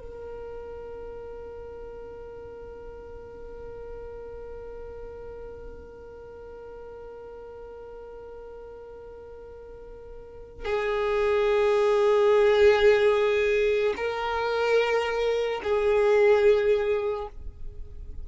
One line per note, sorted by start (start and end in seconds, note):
0.00 10.66 A#4
10.66 13.94 G#4
13.97 15.62 A#4
15.64 17.28 G#4